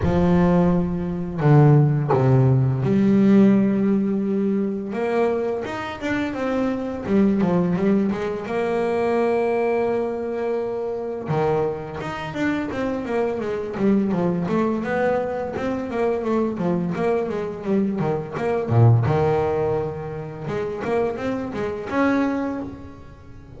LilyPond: \new Staff \with { instrumentName = "double bass" } { \time 4/4 \tempo 4 = 85 f2 d4 c4 | g2. ais4 | dis'8 d'8 c'4 g8 f8 g8 gis8 | ais1 |
dis4 dis'8 d'8 c'8 ais8 gis8 g8 | f8 a8 b4 c'8 ais8 a8 f8 | ais8 gis8 g8 dis8 ais8 ais,8 dis4~ | dis4 gis8 ais8 c'8 gis8 cis'4 | }